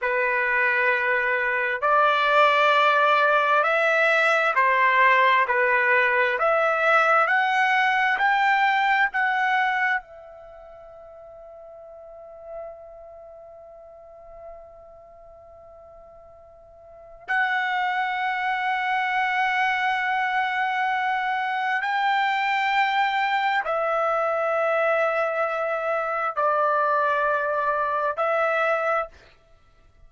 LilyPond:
\new Staff \with { instrumentName = "trumpet" } { \time 4/4 \tempo 4 = 66 b'2 d''2 | e''4 c''4 b'4 e''4 | fis''4 g''4 fis''4 e''4~ | e''1~ |
e''2. fis''4~ | fis''1 | g''2 e''2~ | e''4 d''2 e''4 | }